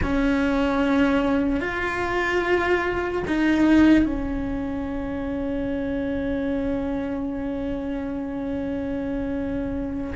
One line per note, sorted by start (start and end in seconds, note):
0.02 1.60 C#4
1.60 3.22 F4
3.27 4.05 D#4
4.05 10.14 C#4